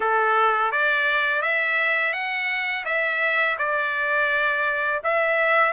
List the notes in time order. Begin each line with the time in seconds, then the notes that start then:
0.00 A4
0.71 D5
1.42 E5
2.13 F#5
2.85 E5
3.58 D5
5.03 E5